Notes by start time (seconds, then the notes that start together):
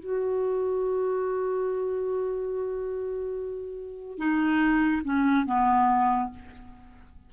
0.00 F#4
4.19 D#4
5.05 C#4
5.47 B3